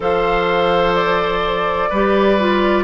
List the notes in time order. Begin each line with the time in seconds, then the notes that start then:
0.00 F3 A4 C5 F5
0.94 D5
1.89 G3 G4 B4
2.38 F4